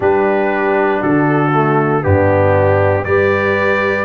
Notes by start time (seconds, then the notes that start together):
0.00 G3 D4 G4 B4
1.00 D3 F#4 A4
1.52 A3
2.02 G2 B3 D4 G4
3.04 G3 G4 B4 D5